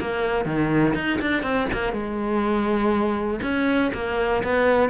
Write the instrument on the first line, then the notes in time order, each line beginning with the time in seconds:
cello
0.00 A#3
0.45 D#3
0.94 D#4
1.21 D4
1.42 C4
1.72 A#3
1.92 G#3
3.42 C#4
3.93 A#3
4.43 B3